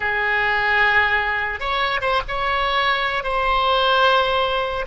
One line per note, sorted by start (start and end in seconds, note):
0.00 1.60 G#4
1.60 2.00 C#5
2.01 2.21 C5
2.27 3.23 C#5
3.23 4.85 C5